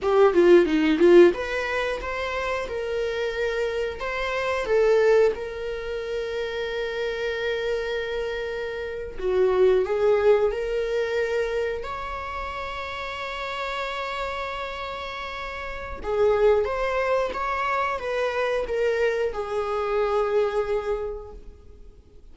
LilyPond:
\new Staff \with { instrumentName = "viola" } { \time 4/4 \tempo 4 = 90 g'8 f'8 dis'8 f'8 b'4 c''4 | ais'2 c''4 a'4 | ais'1~ | ais'4.~ ais'16 fis'4 gis'4 ais'16~ |
ais'4.~ ais'16 cis''2~ cis''16~ | cis''1 | gis'4 c''4 cis''4 b'4 | ais'4 gis'2. | }